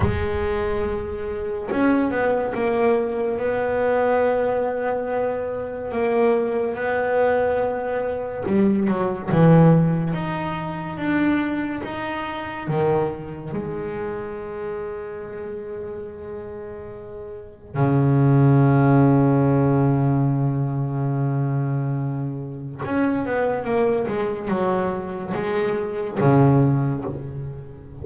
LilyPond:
\new Staff \with { instrumentName = "double bass" } { \time 4/4 \tempo 4 = 71 gis2 cis'8 b8 ais4 | b2. ais4 | b2 g8 fis8 e4 | dis'4 d'4 dis'4 dis4 |
gis1~ | gis4 cis2.~ | cis2. cis'8 b8 | ais8 gis8 fis4 gis4 cis4 | }